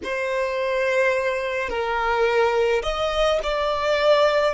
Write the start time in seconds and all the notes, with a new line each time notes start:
0.03 C5
1.69 A#4
2.83 D#5
3.43 D5